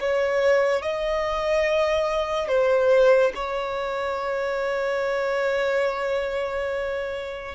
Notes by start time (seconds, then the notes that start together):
0.00 C#5
0.82 D#5
2.48 C5
3.35 C#5